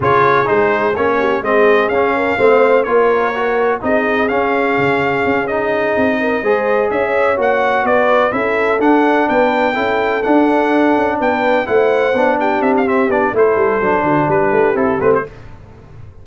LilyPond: <<
  \new Staff \with { instrumentName = "trumpet" } { \time 4/4 \tempo 4 = 126 cis''4 c''4 cis''4 dis''4 | f''2 cis''2 | dis''4 f''2~ f''8 dis''8~ | dis''2~ dis''8 e''4 fis''8~ |
fis''8 d''4 e''4 fis''4 g''8~ | g''4. fis''2 g''8~ | g''8 fis''4. g''8 e''16 f''16 e''8 d''8 | c''2 b'4 a'8 b'16 c''16 | }
  \new Staff \with { instrumentName = "horn" } { \time 4/4 gis'2~ gis'8 g'8 gis'4~ | gis'8 ais'8 c''4 ais'2 | gis'1~ | gis'4 ais'8 c''4 cis''4.~ |
cis''8 b'4 a'2 b'8~ | b'8 a'2. b'8~ | b'8 c''4. g'2 | a'4. fis'8 g'2 | }
  \new Staff \with { instrumentName = "trombone" } { \time 4/4 f'4 dis'4 cis'4 c'4 | cis'4 c'4 f'4 fis'4 | dis'4 cis'2~ cis'8 dis'8~ | dis'4. gis'2 fis'8~ |
fis'4. e'4 d'4.~ | d'8 e'4 d'2~ d'8~ | d'8 e'4 d'4. c'8 d'8 | e'4 d'2 e'8 c'8 | }
  \new Staff \with { instrumentName = "tuba" } { \time 4/4 cis4 gis4 ais4 gis4 | cis'4 a4 ais2 | c'4 cis'4 cis4 cis'4~ | cis'8 c'4 gis4 cis'4 ais8~ |
ais8 b4 cis'4 d'4 b8~ | b8 cis'4 d'4. cis'8 b8~ | b8 a4 b4 c'4 b8 | a8 g8 fis8 d8 g8 a8 c'8 a8 | }
>>